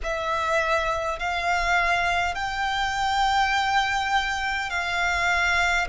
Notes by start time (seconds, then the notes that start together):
0.03 E5
1.19 F5
2.34 G5
4.70 F5